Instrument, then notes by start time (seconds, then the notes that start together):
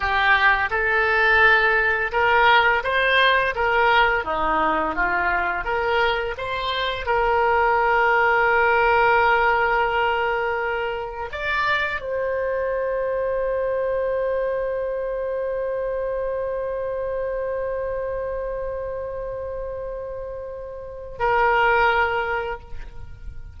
oboe
0.00 G4
0.70 A4
2.12 A#4
2.83 C5
3.55 A#4
4.24 D#4
4.95 F4
5.64 A#4
6.37 C5
7.06 A#4
11.32 D5
12.00 C5
21.19 A#4